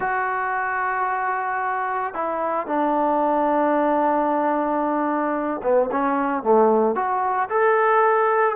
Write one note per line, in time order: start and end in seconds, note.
0.00 2.14 F#4
2.14 2.66 E4
2.66 5.61 D4
5.62 5.89 B3
5.91 6.43 C#4
6.43 6.95 A3
6.95 7.49 F#4
7.49 8.56 A4